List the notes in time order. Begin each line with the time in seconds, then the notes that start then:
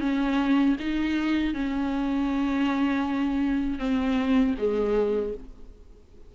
0.00 C#4
0.80 D#4
1.54 C#4
3.79 C4
4.58 G#3